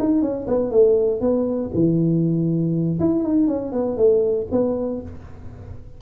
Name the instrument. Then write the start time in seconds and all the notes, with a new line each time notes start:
tuba
0.00 D#4
0.22 C#4
0.48 B3
0.71 A3
1.21 B3
1.75 E3
3.00 E4
3.24 D#4
3.48 C#4
3.72 B3
3.97 A3
4.52 B3